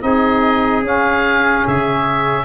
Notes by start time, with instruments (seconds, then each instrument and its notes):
0.00 tuba C4, saxophone D#4, trumpet G#4, oboe D#5
0.82 tuba C#4, saxophone C#4, oboe F5
1.67 tuba C#3, oboe E5